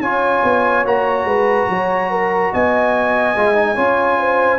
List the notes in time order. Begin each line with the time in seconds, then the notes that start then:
0.00 C#4 F4 C#5 G#5
0.43 B3
0.85 A#3 F#4 A#5
1.24 G#3 B4
1.68 F#3 C#5
2.10 A#4
2.52 B3 D#5 G#5
3.35 G#3 F4
3.54 D#4
3.75 C#4 F4 C#5
4.19 C5